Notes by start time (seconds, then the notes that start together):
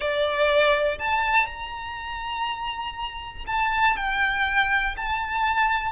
0.00 D5
0.98 A5
1.46 A#5
3.46 A5
3.96 G5
4.97 A5